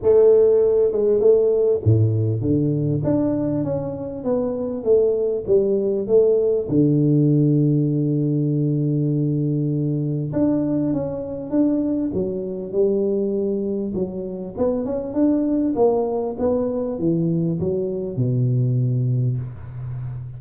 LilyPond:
\new Staff \with { instrumentName = "tuba" } { \time 4/4 \tempo 4 = 99 a4. gis8 a4 a,4 | d4 d'4 cis'4 b4 | a4 g4 a4 d4~ | d1~ |
d4 d'4 cis'4 d'4 | fis4 g2 fis4 | b8 cis'8 d'4 ais4 b4 | e4 fis4 b,2 | }